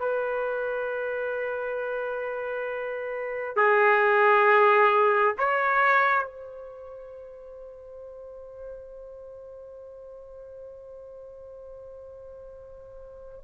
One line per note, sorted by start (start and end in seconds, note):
0.00 3.56 B4
3.56 5.35 G#4
5.39 6.24 C#5
6.24 13.40 C5